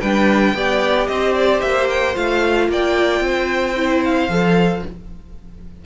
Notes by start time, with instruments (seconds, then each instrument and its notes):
0.00 cello G3, viola D4, violin B4 G5
0.54 cello B3, viola G4, violin D5
1.07 cello C4, violin C5 D#5
1.34 violin D5
1.61 cello A#3, violin E5
1.89 violin G5
2.14 cello A3, viola F4, violin F5
2.68 cello A#3, violin D5 G5
3.20 cello C4, violin C5
3.76 viola E4
4.04 violin F5
4.29 cello F3, viola A4